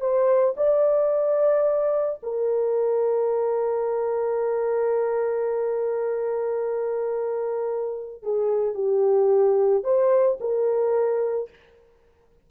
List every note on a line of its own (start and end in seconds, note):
0.00 0.55 C5
0.56 2.20 D5
2.22 8.22 A#4
8.23 8.74 G#4
8.74 9.83 G4
9.83 10.38 C5
10.40 11.49 A#4